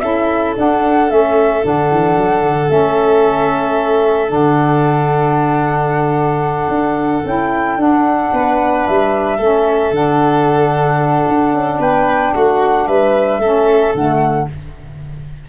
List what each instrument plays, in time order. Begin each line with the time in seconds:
0.00 tuba C#4, saxophone E4, violin A4, flute E5
0.56 saxophone D4, tuba D4, flute F#5
1.09 tuba A3, saxophone C#4, flute E5
1.62 tuba D3, saxophone D4, flute F#5
1.91 tuba E3
2.17 tuba F#3
2.42 tuba D3
2.68 tuba A3, saxophone C#4, flute E5
4.27 tuba D3, saxophone D4, flute F#5
6.69 tuba D4
7.25 tuba C#4, saxophone E4, flute G5
7.77 tuba D4, saxophone D4, flute F#5
8.33 tuba B3, violin B4
8.87 tuba G3, flute E5
9.37 tuba A3, saxophone C#4, violin A4
9.91 tuba D3, saxophone D4, flute F#5
11.28 tuba D4
11.53 tuba C#4
11.79 tuba B3, violin B4, flute G5
12.34 tuba A3, violin F#4, flute F#5
12.87 tuba G3, violin B4, flute E5
13.38 tuba A3, saxophone C#4, violin A4
13.94 tuba D3, saxophone A3, flute F#5